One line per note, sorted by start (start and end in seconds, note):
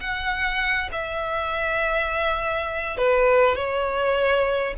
0.00 0.89 F#5
0.92 2.97 E5
2.97 3.55 B4
3.55 4.74 C#5